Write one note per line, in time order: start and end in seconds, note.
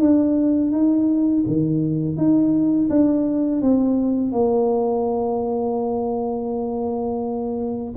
0.00 0.71 D4
0.71 1.44 D#4
1.47 2.16 D#3
2.16 2.88 D#4
2.89 3.61 D4
3.61 4.32 C4
4.32 7.93 A#3